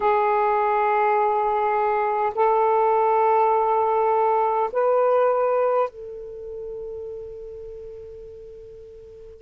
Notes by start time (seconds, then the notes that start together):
0.00 G#4
2.34 A4
4.72 B4
5.89 A4